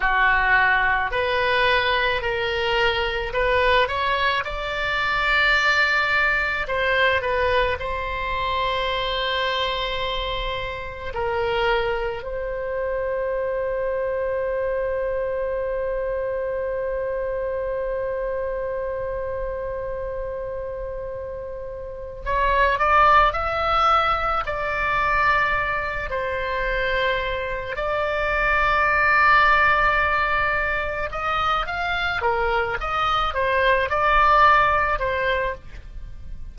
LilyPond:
\new Staff \with { instrumentName = "oboe" } { \time 4/4 \tempo 4 = 54 fis'4 b'4 ais'4 b'8 cis''8 | d''2 c''8 b'8 c''4~ | c''2 ais'4 c''4~ | c''1~ |
c''1 | cis''8 d''8 e''4 d''4. c''8~ | c''4 d''2. | dis''8 f''8 ais'8 dis''8 c''8 d''4 c''8 | }